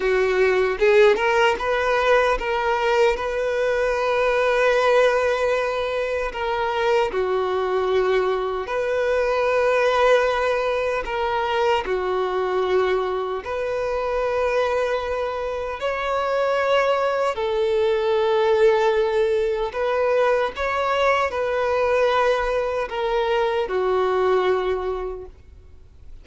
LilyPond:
\new Staff \with { instrumentName = "violin" } { \time 4/4 \tempo 4 = 76 fis'4 gis'8 ais'8 b'4 ais'4 | b'1 | ais'4 fis'2 b'4~ | b'2 ais'4 fis'4~ |
fis'4 b'2. | cis''2 a'2~ | a'4 b'4 cis''4 b'4~ | b'4 ais'4 fis'2 | }